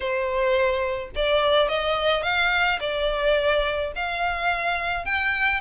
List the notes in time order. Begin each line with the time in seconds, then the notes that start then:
0.00 C5
1.15 D5
1.68 D#5
2.23 F5
2.80 D5
3.95 F5
5.05 G5